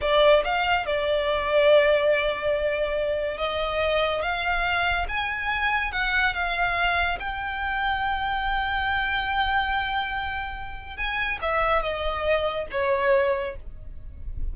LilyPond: \new Staff \with { instrumentName = "violin" } { \time 4/4 \tempo 4 = 142 d''4 f''4 d''2~ | d''1 | dis''2 f''2 | gis''2 fis''4 f''4~ |
f''4 g''2.~ | g''1~ | g''2 gis''4 e''4 | dis''2 cis''2 | }